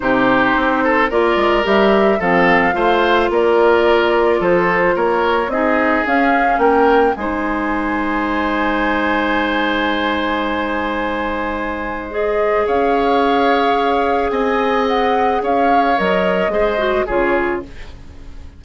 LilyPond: <<
  \new Staff \with { instrumentName = "flute" } { \time 4/4 \tempo 4 = 109 c''2 d''4 e''4 | f''2 d''2 | c''4 cis''4 dis''4 f''4 | g''4 gis''2.~ |
gis''1~ | gis''2 dis''4 f''4~ | f''2 gis''4 fis''4 | f''4 dis''2 cis''4 | }
  \new Staff \with { instrumentName = "oboe" } { \time 4/4 g'4. a'8 ais'2 | a'4 c''4 ais'2 | a'4 ais'4 gis'2 | ais'4 c''2.~ |
c''1~ | c''2. cis''4~ | cis''2 dis''2 | cis''2 c''4 gis'4 | }
  \new Staff \with { instrumentName = "clarinet" } { \time 4/4 dis'2 f'4 g'4 | c'4 f'2.~ | f'2 dis'4 cis'4~ | cis'4 dis'2.~ |
dis'1~ | dis'2 gis'2~ | gis'1~ | gis'4 ais'4 gis'8 fis'8 f'4 | }
  \new Staff \with { instrumentName = "bassoon" } { \time 4/4 c4 c'4 ais8 gis8 g4 | f4 a4 ais2 | f4 ais4 c'4 cis'4 | ais4 gis2.~ |
gis1~ | gis2. cis'4~ | cis'2 c'2 | cis'4 fis4 gis4 cis4 | }
>>